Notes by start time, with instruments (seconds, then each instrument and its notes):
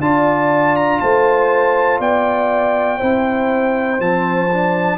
0.00 tuba D4, trombone F4, horn D5, trumpet A5
0.76 trumpet A#5
1.00 tuba A3, horn C5, trumpet A5
2.00 tuba B3, horn D5, trumpet G5
2.98 tuba C4, trombone E4, horn C5
3.99 tuba F3, trombone C4, trumpet A5
4.53 trombone D4